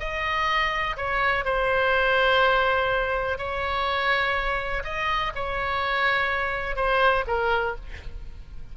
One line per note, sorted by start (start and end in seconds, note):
0.00 0.97 D#5
0.97 1.45 C#5
1.45 3.38 C5
3.38 4.84 C#5
4.84 5.33 D#5
5.36 6.77 C#5
6.77 7.25 C5
7.28 7.76 A#4